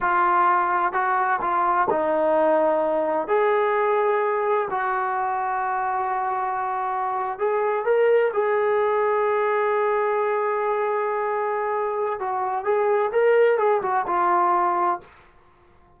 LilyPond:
\new Staff \with { instrumentName = "trombone" } { \time 4/4 \tempo 4 = 128 f'2 fis'4 f'4 | dis'2. gis'4~ | gis'2 fis'2~ | fis'2.~ fis'8. gis'16~ |
gis'8. ais'4 gis'2~ gis'16~ | gis'1~ | gis'2 fis'4 gis'4 | ais'4 gis'8 fis'8 f'2 | }